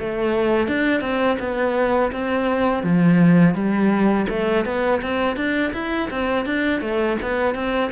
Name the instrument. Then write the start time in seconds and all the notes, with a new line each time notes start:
cello
0.00 A3
0.68 D4
1.01 C4
1.40 B3
2.12 C4
2.83 F3
3.55 G3
4.29 A3
4.66 B3
5.02 C4
5.37 D4
5.74 E4
6.11 C4
6.46 D4
6.81 A3
7.22 B3
7.55 C4